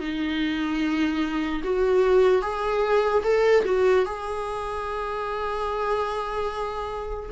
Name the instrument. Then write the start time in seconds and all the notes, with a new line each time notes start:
viola
0.00 D#4
1.64 F#4
2.43 G#4
3.24 A4
3.66 F#4
4.06 G#4